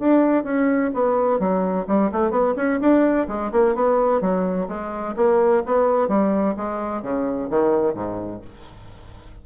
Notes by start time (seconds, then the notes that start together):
0.00 D4
0.44 C#4
0.94 B3
1.40 F#3
1.88 G3
2.12 A3
2.31 B3
2.57 C#4
2.81 D4
3.28 G#3
3.52 A#3
3.75 B3
4.21 F#3
4.69 G#3
5.16 A#3
5.66 B3
6.09 G3
6.57 G#3
7.02 C#3
7.50 D#3
7.95 G#2